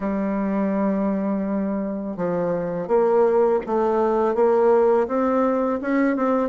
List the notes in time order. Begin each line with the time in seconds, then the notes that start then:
0.00 G3
2.17 F3
2.87 A#3
3.66 A3
4.34 A#3
5.07 C4
5.81 C#4
6.16 C4